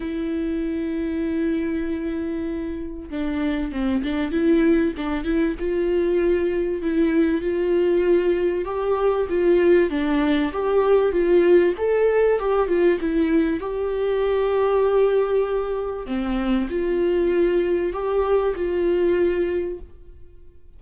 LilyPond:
\new Staff \with { instrumentName = "viola" } { \time 4/4 \tempo 4 = 97 e'1~ | e'4 d'4 c'8 d'8 e'4 | d'8 e'8 f'2 e'4 | f'2 g'4 f'4 |
d'4 g'4 f'4 a'4 | g'8 f'8 e'4 g'2~ | g'2 c'4 f'4~ | f'4 g'4 f'2 | }